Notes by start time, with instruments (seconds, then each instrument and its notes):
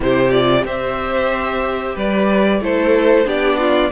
0.00 cello C3, viola E4, violin G4 C5
0.31 viola F4, violin D5
0.64 cello C4, viola G4, violin C5 E5
1.94 cello G3, violin B4 D5
2.60 cello A3, viola E4, violin A4 C5
3.25 cello B3, viola D4, violin G4 D5
3.58 violin F4